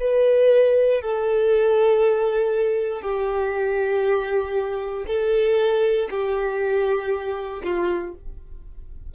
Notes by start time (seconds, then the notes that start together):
0.00 B4
1.02 A4
3.01 G4
5.07 A4
6.10 G4
7.64 F4